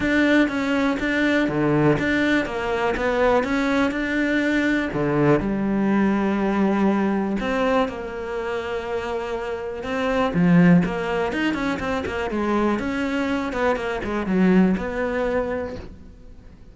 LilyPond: \new Staff \with { instrumentName = "cello" } { \time 4/4 \tempo 4 = 122 d'4 cis'4 d'4 d4 | d'4 ais4 b4 cis'4 | d'2 d4 g4~ | g2. c'4 |
ais1 | c'4 f4 ais4 dis'8 cis'8 | c'8 ais8 gis4 cis'4. b8 | ais8 gis8 fis4 b2 | }